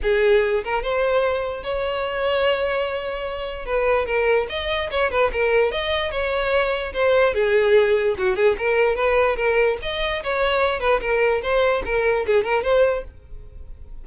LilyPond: \new Staff \with { instrumentName = "violin" } { \time 4/4 \tempo 4 = 147 gis'4. ais'8 c''2 | cis''1~ | cis''4 b'4 ais'4 dis''4 | cis''8 b'8 ais'4 dis''4 cis''4~ |
cis''4 c''4 gis'2 | fis'8 gis'8 ais'4 b'4 ais'4 | dis''4 cis''4. b'8 ais'4 | c''4 ais'4 gis'8 ais'8 c''4 | }